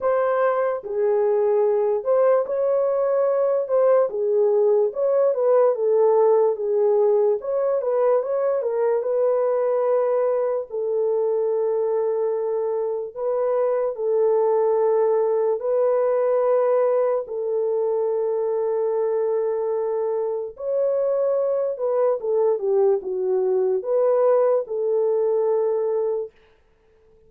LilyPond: \new Staff \with { instrumentName = "horn" } { \time 4/4 \tempo 4 = 73 c''4 gis'4. c''8 cis''4~ | cis''8 c''8 gis'4 cis''8 b'8 a'4 | gis'4 cis''8 b'8 cis''8 ais'8 b'4~ | b'4 a'2. |
b'4 a'2 b'4~ | b'4 a'2.~ | a'4 cis''4. b'8 a'8 g'8 | fis'4 b'4 a'2 | }